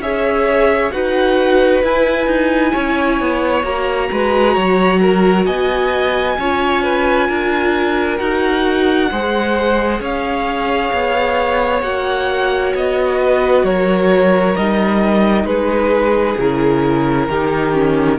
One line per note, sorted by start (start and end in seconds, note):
0.00 0.91 C#4
0.00 0.92 G#4
0.00 0.93 C#5
0.00 0.92 E5
0.92 1.84 D#4
0.92 1.83 F#4
0.92 2.73 B4
0.92 1.83 F#5
1.84 2.27 E4
1.84 3.64 E4
1.84 3.65 G#5
2.27 2.72 D#4
2.73 3.20 C#4
2.73 4.09 C#5
3.20 3.64 B3
3.64 4.09 A#3
3.64 6.37 F#4
3.64 5.46 A#5
4.12 4.57 G#3
4.12 4.54 B4
4.54 5.47 F#3
4.54 5.00 C#5
5.02 5.46 A#4
5.46 6.38 B3
5.46 6.37 D#5
5.46 8.18 G#5
6.38 7.29 C#4
6.38 8.18 F4
6.38 6.83 C#5
6.83 7.28 B4
7.28 8.20 D4
7.28 9.10 A#4
8.18 9.11 D#4
8.18 9.09 F#4
8.18 10.00 F#5
9.12 10.00 G#3
9.12 11.83 G#4
9.12 10.01 C5
10.00 10.91 C#4
10.00 13.19 C#5
10.00 11.82 F5
10.93 11.83 B3
11.82 12.73 A#3
11.82 14.56 F#4
11.82 12.73 F#5
12.75 13.64 B3
12.75 13.65 D#5
13.20 13.65 B4
13.64 14.55 F#3
13.64 15.46 A#4
13.64 14.56 C#5
14.56 15.44 G3
14.56 16.39 D#4
14.56 15.46 D#5
15.44 16.35 G#3
15.44 17.28 G#4
15.44 16.37 B4
16.38 17.29 C#3
16.38 17.30 E4
16.38 18.19 A#4
17.29 18.19 D#3
17.29 17.74 D#4
17.29 18.19 G4
17.74 18.19 C#4